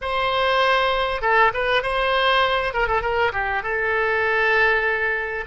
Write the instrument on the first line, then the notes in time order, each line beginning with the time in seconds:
oboe
0.01 C5
1.21 A4
1.53 B4
1.83 C5
2.73 A#4
2.87 A4
3.01 A#4
3.32 G4
3.63 A4